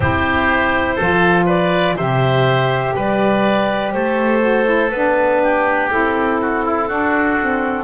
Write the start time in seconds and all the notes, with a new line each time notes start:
0.00 C4 E4 G4 C5
0.95 F3 F4 A4
1.46 B4 D5
1.96 C3 G4 C5 E5
2.95 G3 B4 D5
3.92 A3 A4 C5
4.40 F#4
4.64 E4
4.90 B3 D4 B4
5.42 G4
5.90 C4 E4 A4
6.41 F#4
6.64 E4
6.87 D4 F#4
7.40 C4